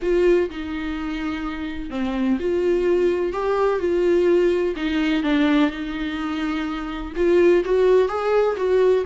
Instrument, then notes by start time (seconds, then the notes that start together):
viola
0.02 F4
0.50 D#4
1.90 C4
2.39 F4
3.32 G4
3.79 F4
4.76 D#4
5.23 D4
5.70 D#4
7.16 F4
7.65 F#4
8.08 G#4
8.56 F#4